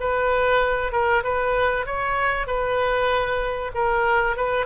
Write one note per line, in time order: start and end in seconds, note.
0.00 0.92 B4
0.92 1.23 A#4
1.23 1.86 B4
1.86 2.46 C#5
2.46 3.71 B4
3.74 4.36 A#4
4.36 4.66 B4